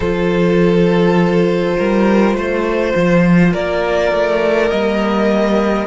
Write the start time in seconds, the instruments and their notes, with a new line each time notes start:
0.00 cello F3, viola F4, violin A4 C5
1.77 cello G3, violin A#4
2.35 cello A3, violin C5
2.95 cello F3
3.52 cello A#3, violin A#4 D5
4.12 cello A3
4.70 cello G3, viola A#3, violin D#5